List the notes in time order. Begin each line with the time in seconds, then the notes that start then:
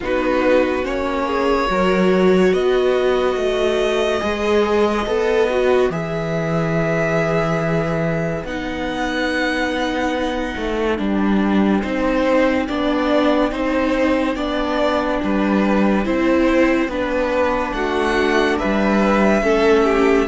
0.00 B3 D#4 F#4 B4
0.82 A#3 C#4 C#5
1.26 G#4
1.67 F#3 F#4 A#4
2.52 B3 B4 D#5
3.36 A3
4.19 G#3 G#4
5.06 B3 A4
5.49 F#4
5.89 E3 G#4 E5
8.43 B3 D#4 F#5
10.56 A3
10.97 G3 D4 G5
11.81 C4 D#4 C5
12.67 B3 D4 D5
13.50 C4 D#4 C5
14.35 B3 D4 D5
15.23 G3 B4
16.05 C4 E4 C5
16.87 B3 D4 B4
17.72 A3 F#4 F#5
18.58 G3 B4 E5
19.42 A3 C#4 A4
19.84 G4